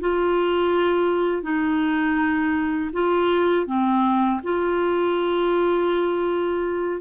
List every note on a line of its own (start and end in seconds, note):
0.00 1.42 F4
1.42 2.90 D#4
2.93 3.66 F4
3.66 4.40 C4
4.43 7.01 F4